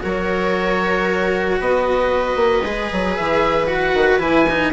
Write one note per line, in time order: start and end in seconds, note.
0.00 1.60 F#3
0.00 2.61 F#4
0.00 1.59 A#4
0.00 1.61 C#5
1.60 2.36 B3
1.60 4.73 B4
1.60 3.16 D#5
2.36 2.62 A#3
2.64 2.90 G#3
2.64 3.67 G#4
2.92 3.18 F#3
3.16 3.94 E3
3.16 3.67 E5
3.67 4.19 F#4
3.67 4.19 F#5
3.94 4.18 D#3
4.18 4.71 E3
4.18 4.46 E4
4.18 4.73 G#5
4.50 4.73 D#4